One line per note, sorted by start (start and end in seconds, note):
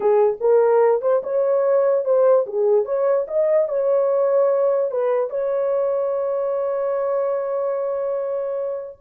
0.00 0.37 G#4
0.40 1.01 A#4
1.01 1.22 C5
1.23 2.04 C#5
2.04 2.45 C5
2.46 2.85 G#4
2.85 3.26 C#5
3.27 3.68 D#5
3.68 4.91 C#5
4.91 5.29 B4
5.29 8.97 C#5